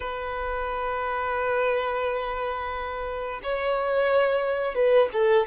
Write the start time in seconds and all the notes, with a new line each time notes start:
0.00 B4
3.43 C#5
4.74 B4
5.12 A4